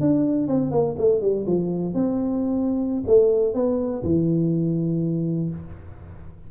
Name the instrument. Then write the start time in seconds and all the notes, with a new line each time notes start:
tuba
0.00 D4
0.47 C4
0.71 A#3
0.98 A3
1.21 G3
1.46 F3
1.94 C4
3.06 A3
3.54 B3
4.03 E3